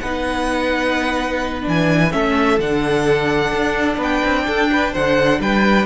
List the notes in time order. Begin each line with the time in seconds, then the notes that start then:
0.00 B3 D#4 B4 F#5
1.62 E3 D4
1.68 G#5
2.11 A3 C#4 A4 E5
2.59 D3 D4 F#5
3.52 D4
3.97 B3 B4 G5
4.24 C4
4.47 D4 A4
4.73 B4
4.92 D3 C5 F#5
5.39 G3 B4 G5